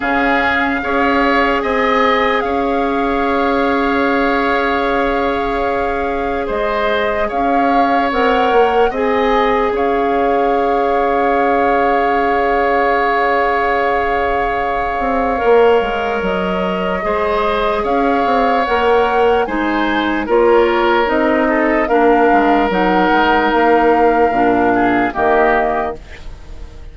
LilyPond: <<
  \new Staff \with { instrumentName = "flute" } { \time 4/4 \tempo 4 = 74 f''2 gis''4 f''4~ | f''1 | dis''4 f''4 fis''4 gis''4 | f''1~ |
f''1 | dis''2 f''4 fis''4 | gis''4 cis''4 dis''4 f''4 | fis''4 f''2 dis''4 | }
  \new Staff \with { instrumentName = "oboe" } { \time 4/4 gis'4 cis''4 dis''4 cis''4~ | cis''1 | c''4 cis''2 dis''4 | cis''1~ |
cis''1~ | cis''4 c''4 cis''2 | c''4 ais'4. a'8 ais'4~ | ais'2~ ais'8 gis'8 g'4 | }
  \new Staff \with { instrumentName = "clarinet" } { \time 4/4 cis'4 gis'2.~ | gis'1~ | gis'2 ais'4 gis'4~ | gis'1~ |
gis'2. ais'4~ | ais'4 gis'2 ais'4 | dis'4 f'4 dis'4 d'4 | dis'2 d'4 ais4 | }
  \new Staff \with { instrumentName = "bassoon" } { \time 4/4 cis4 cis'4 c'4 cis'4~ | cis'1 | gis4 cis'4 c'8 ais8 c'4 | cis'1~ |
cis'2~ cis'8 c'8 ais8 gis8 | fis4 gis4 cis'8 c'8 ais4 | gis4 ais4 c'4 ais8 gis8 | fis8 gis8 ais4 ais,4 dis4 | }
>>